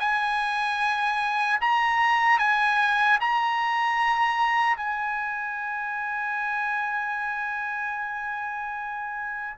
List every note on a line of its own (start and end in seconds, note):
0.00 1.60 G#5
1.61 2.39 A#5
2.39 3.19 G#5
3.21 4.77 A#5
4.77 9.57 G#5